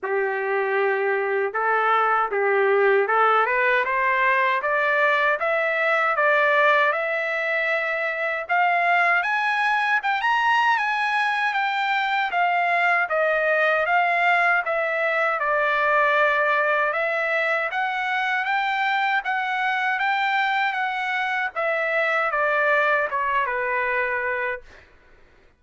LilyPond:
\new Staff \with { instrumentName = "trumpet" } { \time 4/4 \tempo 4 = 78 g'2 a'4 g'4 | a'8 b'8 c''4 d''4 e''4 | d''4 e''2 f''4 | gis''4 g''16 ais''8. gis''4 g''4 |
f''4 dis''4 f''4 e''4 | d''2 e''4 fis''4 | g''4 fis''4 g''4 fis''4 | e''4 d''4 cis''8 b'4. | }